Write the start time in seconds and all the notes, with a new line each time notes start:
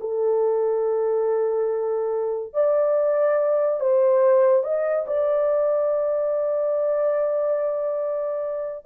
0.00 A4
2.53 D5
3.80 C5
4.63 D#5
5.07 D5